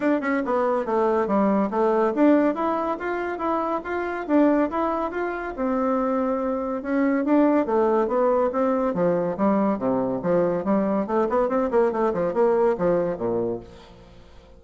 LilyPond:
\new Staff \with { instrumentName = "bassoon" } { \time 4/4 \tempo 4 = 141 d'8 cis'8 b4 a4 g4 | a4 d'4 e'4 f'4 | e'4 f'4 d'4 e'4 | f'4 c'2. |
cis'4 d'4 a4 b4 | c'4 f4 g4 c4 | f4 g4 a8 b8 c'8 ais8 | a8 f8 ais4 f4 ais,4 | }